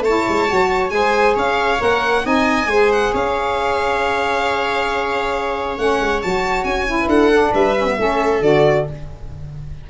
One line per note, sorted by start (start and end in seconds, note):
0.00 0.22 A3
0.00 0.47 E4
0.00 0.93 C#5
0.00 0.90 A5
0.29 0.51 G#3
0.47 0.92 F#3
0.47 0.89 F#4
0.89 1.36 G#3
0.89 1.77 G#4
0.89 1.35 C5
0.89 1.34 G#5
1.35 1.80 C#4
1.35 2.23 C#5
1.35 1.82 F5
1.79 2.25 A#3
1.79 2.23 A#4
1.79 2.26 F#5
2.23 2.66 C4
2.23 2.67 D#4
2.23 2.69 D#5
2.23 2.92 G#5
2.66 3.10 G#3
2.66 3.13 C5
2.72 5.77 G#4
2.92 3.14 F#5
3.13 5.78 C#4
3.13 6.99 C#5
3.13 5.77 F5
5.77 5.99 A3
5.77 6.21 C#4
5.77 6.21 F#5
5.99 6.21 G#3
6.22 6.64 F#3
6.22 6.86 F#4
6.22 6.64 A5
6.64 7.07 C#4
6.64 7.08 G#5
6.86 7.30 E4
7.00 7.09 B4
7.07 7.51 D4
7.07 7.52 A4
7.07 7.53 F#5
7.32 7.76 D4
7.52 7.98 G3
7.52 7.96 B4
7.52 8.42 E5
7.77 7.86 C#4
7.86 7.97 B3
7.98 8.40 A3
7.98 8.42 C#4
7.98 8.89 A4
8.40 8.84 D3
8.40 8.86 F#4
8.40 8.86 D5